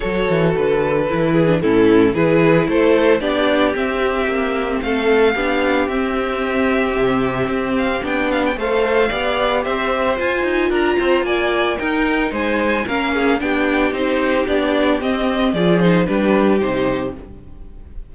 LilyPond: <<
  \new Staff \with { instrumentName = "violin" } { \time 4/4 \tempo 4 = 112 cis''4 b'2 a'4 | b'4 c''4 d''4 e''4~ | e''4 f''2 e''4~ | e''2~ e''8 f''8 g''8 f''16 g''16 |
f''2 e''4 gis''4 | ais''4 gis''4 g''4 gis''4 | f''4 g''4 c''4 d''4 | dis''4 d''8 c''8 b'4 c''4 | }
  \new Staff \with { instrumentName = "violin" } { \time 4/4 a'2~ a'8 gis'8 e'4 | gis'4 a'4 g'2~ | g'4 a'4 g'2~ | g'1 |
c''4 d''4 c''2 | ais'8 c''8 d''4 ais'4 c''4 | ais'8 gis'8 g'2.~ | g'4 gis'4 g'2 | }
  \new Staff \with { instrumentName = "viola" } { \time 4/4 fis'2 e'8. d'16 cis'4 | e'2 d'4 c'4~ | c'2 d'4 c'4~ | c'2. d'4 |
a'4 g'2 f'4~ | f'2 dis'2 | cis'4 d'4 dis'4 d'4 | c'4 f'8 dis'8 d'4 dis'4 | }
  \new Staff \with { instrumentName = "cello" } { \time 4/4 fis8 e8 d4 e4 a,4 | e4 a4 b4 c'4 | ais4 a4 b4 c'4~ | c'4 c4 c'4 b4 |
a4 b4 c'4 f'8 dis'8 | d'8 c'8 ais4 dis'4 gis4 | ais4 b4 c'4 b4 | c'4 f4 g4 c4 | }
>>